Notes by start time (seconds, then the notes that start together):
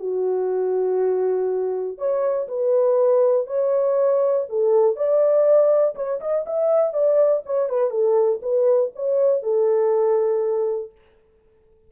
0.00 F#4
1.98 C#5
2.48 B4
3.47 C#5
4.50 A4
4.96 D5
5.96 C#5
6.21 D#5
6.46 E5
6.94 D5
7.46 C#5
7.69 B4
7.91 A4
8.43 B4
8.96 C#5
9.43 A4